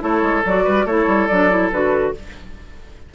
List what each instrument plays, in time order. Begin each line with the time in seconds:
0.00 bassoon A3, clarinet E4, oboe A4, flute C#5
0.22 bassoon G#3
0.45 bassoon F#3, clarinet F#4, flute D5
0.64 bassoon G3, oboe B4
0.85 bassoon A3, clarinet E4, oboe A4, flute C#5
1.07 bassoon G3
1.27 bassoon F#3, clarinet D4, flute D5
1.50 clarinet E4
1.72 bassoon D3, clarinet F#4, flute B4